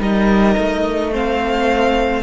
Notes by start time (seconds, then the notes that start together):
0.00 G3 D#4 A#4 D#5
0.57 A3
1.12 C4 C5 F5